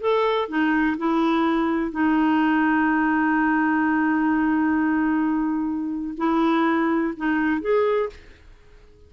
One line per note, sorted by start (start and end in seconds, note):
0.00 0.48 A4
0.48 0.97 D#4
0.97 1.91 E4
1.91 6.14 D#4
6.17 7.14 E4
7.16 7.61 D#4
7.61 8.09 G#4